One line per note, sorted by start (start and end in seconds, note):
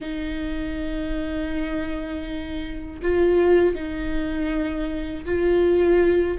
0.00 3.00 D#4
3.02 3.75 F4
3.75 5.25 D#4
5.25 6.38 F4